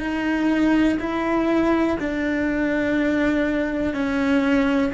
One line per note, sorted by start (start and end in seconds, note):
0.00 0.98 D#4
1.00 1.98 E4
2.00 3.94 D4
3.94 4.92 C#4